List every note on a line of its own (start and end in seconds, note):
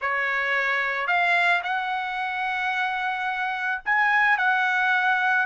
0.01 1.07 C#5
1.07 1.61 F5
1.63 3.81 F#5
3.85 4.37 G#5
4.37 5.46 F#5